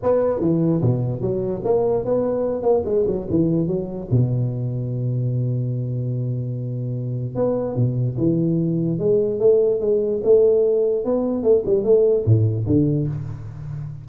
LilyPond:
\new Staff \with { instrumentName = "tuba" } { \time 4/4 \tempo 4 = 147 b4 e4 b,4 fis4 | ais4 b4. ais8 gis8 fis8 | e4 fis4 b,2~ | b,1~ |
b,2 b4 b,4 | e2 gis4 a4 | gis4 a2 b4 | a8 g8 a4 a,4 d4 | }